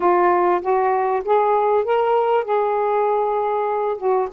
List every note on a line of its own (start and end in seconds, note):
0.00 0.61 F4
0.61 1.22 F#4
1.24 1.84 G#4
1.84 2.44 A#4
2.44 3.97 G#4
3.97 4.28 F#4